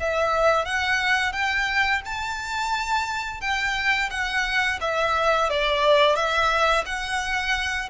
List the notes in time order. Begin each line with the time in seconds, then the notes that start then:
0.00 E5
0.65 F#5
1.33 G5
2.05 A5
3.40 G5
4.10 F#5
4.81 E5
5.50 D5
6.15 E5
6.86 F#5